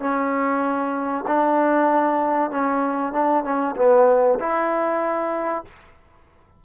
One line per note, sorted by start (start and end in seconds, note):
0.00 1.25 C#4
1.28 2.51 D4
2.51 3.13 C#4
3.13 3.44 D4
3.44 3.76 C#4
3.76 4.39 B3
4.40 5.65 E4